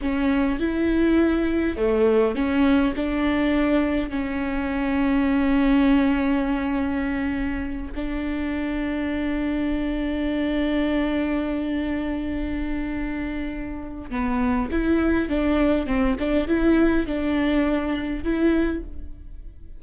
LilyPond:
\new Staff \with { instrumentName = "viola" } { \time 4/4 \tempo 4 = 102 cis'4 e'2 a4 | cis'4 d'2 cis'4~ | cis'1~ | cis'4. d'2~ d'8~ |
d'1~ | d'1 | b4 e'4 d'4 c'8 d'8 | e'4 d'2 e'4 | }